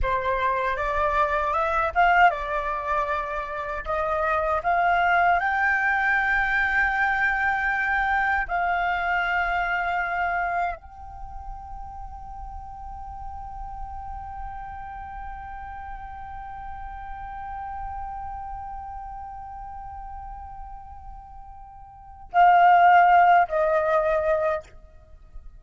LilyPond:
\new Staff \with { instrumentName = "flute" } { \time 4/4 \tempo 4 = 78 c''4 d''4 e''8 f''8 d''4~ | d''4 dis''4 f''4 g''4~ | g''2. f''4~ | f''2 g''2~ |
g''1~ | g''1~ | g''1~ | g''4 f''4. dis''4. | }